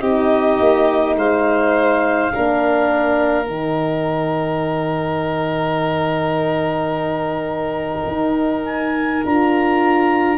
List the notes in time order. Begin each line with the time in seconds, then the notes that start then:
0.00 C4 D#4 G4 D#5
0.60 A#3
1.16 G#3 C5 F5
2.31 A#3 D4 A#4
3.47 D#3 D#4 G5
8.08 D#4
8.66 G#5
9.25 D4 F4 A#5